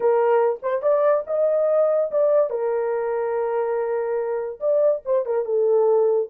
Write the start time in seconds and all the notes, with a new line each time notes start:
0.00 A#4
0.62 C5
0.82 D5
1.26 D#5
2.11 D5
2.49 A#4
4.60 D5
5.05 C5
5.25 A#4
5.45 A4